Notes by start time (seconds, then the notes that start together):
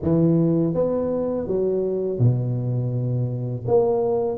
0.02 E3
0.74 B3
1.47 F#3
2.19 B2
3.67 A#3